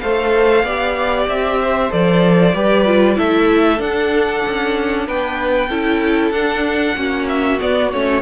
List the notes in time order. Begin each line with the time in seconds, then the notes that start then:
0.00 A3 A4 C5 F5
0.63 B3 G4 D5
1.28 C4 E5
1.61 C5
1.90 F3 A4 D5
2.54 G3 G4 B4
2.86 F4
3.16 A3 E4 A4 E5
3.78 D4 F#5
4.47 C#4
5.07 B3 B4 G5
5.69 C#4 E4 A4
6.31 D4 F#5
6.96 A#3 C#4 F#4
7.28 E5
7.59 B3 D5
7.92 A3 C#4 C#5